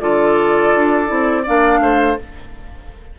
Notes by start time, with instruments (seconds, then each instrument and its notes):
0.00 bassoon D3, clarinet F4, oboe A4, flute D5
0.75 bassoon D4
1.06 bassoon C4, clarinet E4
1.43 bassoon A#3, clarinet D4, oboe D5, flute F5
1.79 bassoon A3, oboe C5